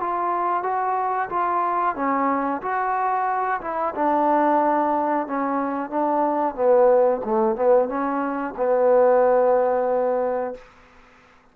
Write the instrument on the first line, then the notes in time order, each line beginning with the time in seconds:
trombone
0.00 F4
0.63 F#4
1.30 F4
1.95 C#4
2.62 F#4
3.61 E4
3.95 D4
5.27 C#4
5.90 D4
6.55 B3
7.25 A3
7.56 B3
7.89 C#4
8.57 B3